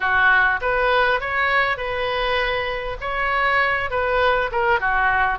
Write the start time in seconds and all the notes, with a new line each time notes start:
0.00 F#4
0.61 B4
1.20 C#5
1.77 B4
3.00 C#5
3.90 B4
4.51 A#4
4.80 F#4